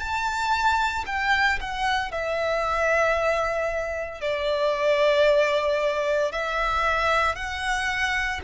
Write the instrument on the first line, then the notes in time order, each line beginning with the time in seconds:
violin
0.00 A5
1.07 G5
1.61 F#5
2.12 E5
4.22 D5
6.32 E5
7.36 F#5